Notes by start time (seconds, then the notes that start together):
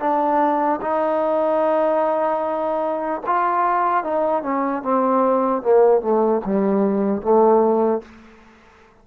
0.00 D4
0.81 D#4
3.26 F4
4.04 D#4
4.43 C#4
4.83 C4
5.62 A#3
6.02 A3
6.45 G3
7.22 A3